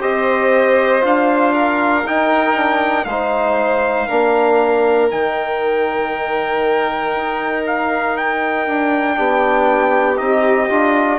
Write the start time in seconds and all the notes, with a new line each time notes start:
0.00 C4 G4 C5 D#5
1.01 D4 F4 F5
1.53 A#4
2.05 D#4 G5
2.56 D4
3.04 G#3 D#4 C5 F5
4.07 A#3 D4 A#4
5.10 D#3 D#4 G5
7.15 D#4
7.66 F5
8.17 G5
8.67 D4
9.14 B3 D4 G4
10.17 C4 D#4 D#5
10.69 D4 F4